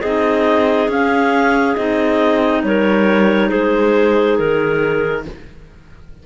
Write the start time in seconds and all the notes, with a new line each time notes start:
0.00 C4 D#4 G#4 D#5
0.88 C#4 F5
1.75 C4 D#4 D#5
2.63 G3 A#4 C#5
3.49 G#3 G#4 C5
4.37 D#3 A#4